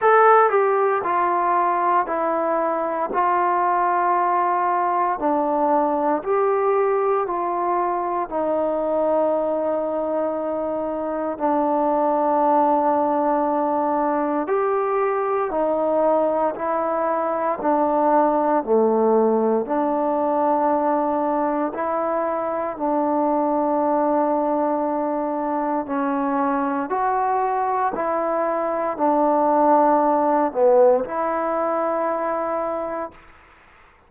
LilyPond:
\new Staff \with { instrumentName = "trombone" } { \time 4/4 \tempo 4 = 58 a'8 g'8 f'4 e'4 f'4~ | f'4 d'4 g'4 f'4 | dis'2. d'4~ | d'2 g'4 dis'4 |
e'4 d'4 a4 d'4~ | d'4 e'4 d'2~ | d'4 cis'4 fis'4 e'4 | d'4. b8 e'2 | }